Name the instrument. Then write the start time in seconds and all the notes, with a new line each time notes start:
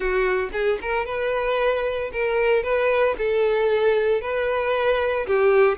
violin
0.00 F#4
0.52 G#4
0.81 A#4
1.05 B4
2.12 A#4
2.63 B4
3.17 A4
4.21 B4
5.26 G4